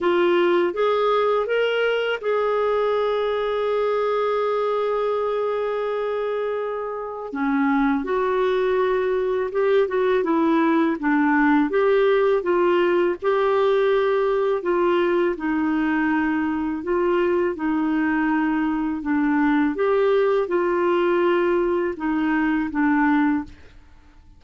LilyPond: \new Staff \with { instrumentName = "clarinet" } { \time 4/4 \tempo 4 = 82 f'4 gis'4 ais'4 gis'4~ | gis'1~ | gis'2 cis'4 fis'4~ | fis'4 g'8 fis'8 e'4 d'4 |
g'4 f'4 g'2 | f'4 dis'2 f'4 | dis'2 d'4 g'4 | f'2 dis'4 d'4 | }